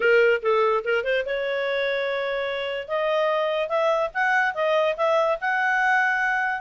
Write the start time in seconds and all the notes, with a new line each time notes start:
0.00 A#4
0.42 A4
0.84 A#4
1.04 C5
1.25 C#5
2.88 D#5
3.68 E5
4.13 F#5
4.54 D#5
4.97 E5
5.40 F#5